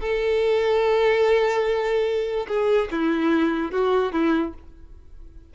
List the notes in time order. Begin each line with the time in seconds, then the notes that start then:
0.00 A4
2.47 G#4
2.91 E4
3.71 F#4
4.12 E4